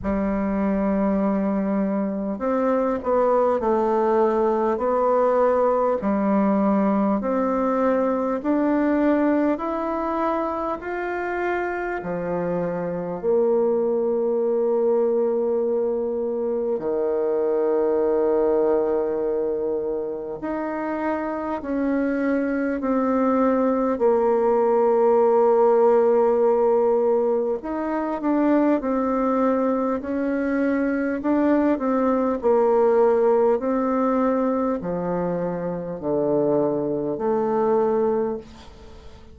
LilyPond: \new Staff \with { instrumentName = "bassoon" } { \time 4/4 \tempo 4 = 50 g2 c'8 b8 a4 | b4 g4 c'4 d'4 | e'4 f'4 f4 ais4~ | ais2 dis2~ |
dis4 dis'4 cis'4 c'4 | ais2. dis'8 d'8 | c'4 cis'4 d'8 c'8 ais4 | c'4 f4 d4 a4 | }